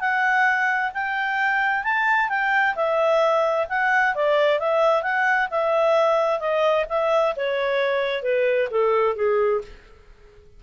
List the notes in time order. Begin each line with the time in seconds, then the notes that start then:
0.00 F#5
0.94 G5
1.83 A5
2.29 G5
2.75 E5
3.69 F#5
4.15 D5
4.59 E5
5.03 F#5
5.50 E5
6.40 D#5
6.89 E5
7.36 C#5
8.23 B4
8.70 A4
9.15 G#4